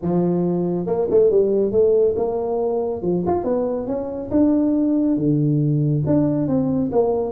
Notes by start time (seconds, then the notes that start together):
0.02 F3
0.86 A#3
1.10 A3
1.30 G3
1.71 A3
2.16 A#3
3.02 F3
3.26 F4
3.43 B3
3.87 C#4
4.30 D4
5.16 D3
6.06 D4
6.47 C4
6.92 A#3